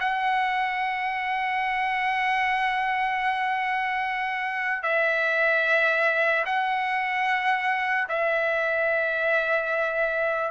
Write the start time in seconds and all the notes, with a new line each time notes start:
0.00 F#5
4.83 E5
6.46 F#5
8.09 E5